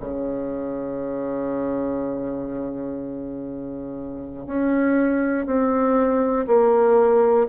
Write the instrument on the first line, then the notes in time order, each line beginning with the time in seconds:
bassoon
0.00 C#3
4.46 C#4
5.46 C4
6.47 A#3